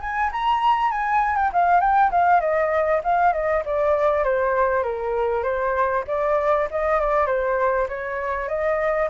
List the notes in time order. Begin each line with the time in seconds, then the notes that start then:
0.00 G#5
0.31 A#5
0.91 G#5
1.36 G5
1.52 F5
1.80 G5
2.11 F5
2.40 D#5
3.03 F5
3.33 D#5
3.65 D5
4.24 C5
4.83 A#4
5.43 C5
6.07 D5
6.70 D#5
7.00 D5
7.26 C5
7.88 C#5
8.48 D#5